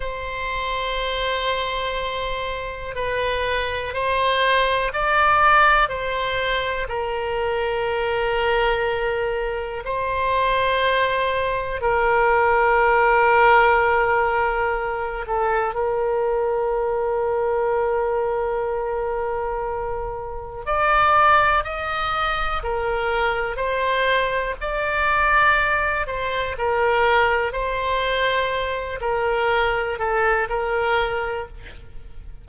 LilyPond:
\new Staff \with { instrumentName = "oboe" } { \time 4/4 \tempo 4 = 61 c''2. b'4 | c''4 d''4 c''4 ais'4~ | ais'2 c''2 | ais'2.~ ais'8 a'8 |
ais'1~ | ais'4 d''4 dis''4 ais'4 | c''4 d''4. c''8 ais'4 | c''4. ais'4 a'8 ais'4 | }